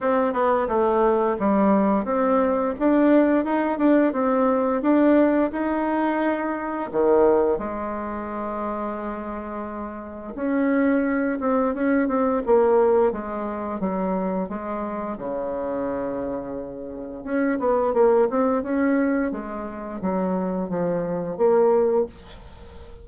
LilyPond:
\new Staff \with { instrumentName = "bassoon" } { \time 4/4 \tempo 4 = 87 c'8 b8 a4 g4 c'4 | d'4 dis'8 d'8 c'4 d'4 | dis'2 dis4 gis4~ | gis2. cis'4~ |
cis'8 c'8 cis'8 c'8 ais4 gis4 | fis4 gis4 cis2~ | cis4 cis'8 b8 ais8 c'8 cis'4 | gis4 fis4 f4 ais4 | }